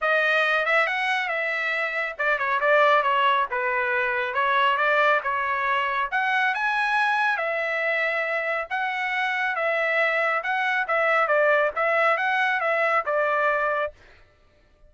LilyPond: \new Staff \with { instrumentName = "trumpet" } { \time 4/4 \tempo 4 = 138 dis''4. e''8 fis''4 e''4~ | e''4 d''8 cis''8 d''4 cis''4 | b'2 cis''4 d''4 | cis''2 fis''4 gis''4~ |
gis''4 e''2. | fis''2 e''2 | fis''4 e''4 d''4 e''4 | fis''4 e''4 d''2 | }